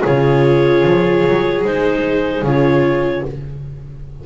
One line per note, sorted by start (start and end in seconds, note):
0.00 0.85 C#3
0.00 1.64 F4
0.00 3.20 G#4
0.00 1.64 C#5
0.85 1.25 F3
1.26 1.64 F#3
1.64 2.42 G#3
1.64 2.45 D#4
1.64 2.44 C5
2.42 3.22 C#3
2.42 3.26 F4
2.42 3.26 C#5